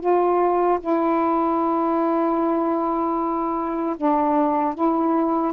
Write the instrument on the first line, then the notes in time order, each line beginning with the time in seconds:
saxophone
0.00 F4
0.80 E4
3.96 D4
4.74 E4